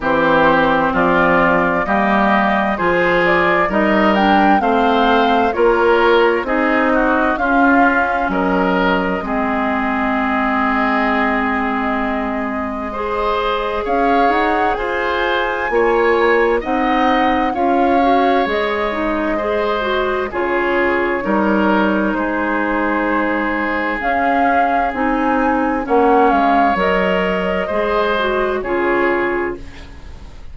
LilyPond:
<<
  \new Staff \with { instrumentName = "flute" } { \time 4/4 \tempo 4 = 65 c''4 d''4 dis''4 c''8 d''8 | dis''8 g''8 f''4 cis''4 dis''4 | f''4 dis''2.~ | dis''2. f''8 fis''8 |
gis''2 fis''4 f''4 | dis''2 cis''2 | c''2 f''4 gis''4 | fis''8 f''8 dis''2 cis''4 | }
  \new Staff \with { instrumentName = "oboe" } { \time 4/4 g'4 f'4 g'4 gis'4 | ais'4 c''4 ais'4 gis'8 fis'8 | f'4 ais'4 gis'2~ | gis'2 c''4 cis''4 |
c''4 cis''4 dis''4 cis''4~ | cis''4 c''4 gis'4 ais'4 | gis'1 | cis''2 c''4 gis'4 | }
  \new Staff \with { instrumentName = "clarinet" } { \time 4/4 c'2 ais4 f'4 | dis'8 d'8 c'4 f'4 dis'4 | cis'2 c'2~ | c'2 gis'2~ |
gis'4 f'4 dis'4 f'8 fis'8 | gis'8 dis'8 gis'8 fis'8 f'4 dis'4~ | dis'2 cis'4 dis'4 | cis'4 ais'4 gis'8 fis'8 f'4 | }
  \new Staff \with { instrumentName = "bassoon" } { \time 4/4 e4 f4 g4 f4 | g4 a4 ais4 c'4 | cis'4 fis4 gis2~ | gis2. cis'8 dis'8 |
f'4 ais4 c'4 cis'4 | gis2 cis4 g4 | gis2 cis'4 c'4 | ais8 gis8 fis4 gis4 cis4 | }
>>